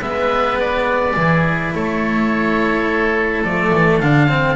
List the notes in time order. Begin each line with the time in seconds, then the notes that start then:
0.00 G#3 B3 B4 E5
0.59 D5
1.16 E3 E4 G#4
1.73 A3 A4 C#5
3.43 F3 A3 D5
3.73 E3
3.99 D3 D4 F5
4.28 C4